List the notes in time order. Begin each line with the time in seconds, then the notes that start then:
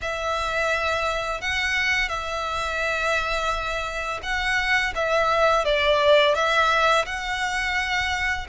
0.01 E5
1.41 F#5
2.08 E5
4.22 F#5
4.95 E5
5.64 D5
6.34 E5
7.05 F#5